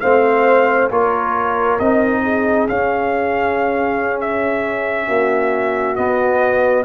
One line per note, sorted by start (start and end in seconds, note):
0.00 0.90 A3
0.00 0.90 C4
0.00 0.91 C5
0.00 0.88 F5
0.90 1.78 A#3
0.90 1.79 F4
0.90 2.23 A#4
0.90 1.79 C#5
1.79 2.68 C4
1.79 2.69 D#4
1.79 2.67 D#5
2.23 5.07 G#4
2.68 5.96 C#4
2.68 5.08 C#4
2.68 4.20 F5
4.20 5.95 E5
5.07 5.97 A#3
5.07 6.84 F#4
5.95 6.84 B3
5.95 6.84 D#5